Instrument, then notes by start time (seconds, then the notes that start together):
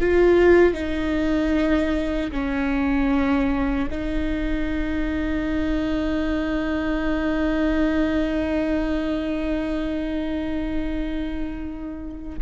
viola
0.00 F4
0.74 D#4
2.32 C#4
3.90 D#4